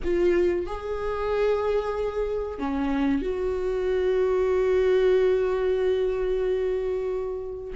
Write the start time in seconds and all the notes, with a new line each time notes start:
0.04 F4
0.66 G#4
2.58 C#4
3.21 F#4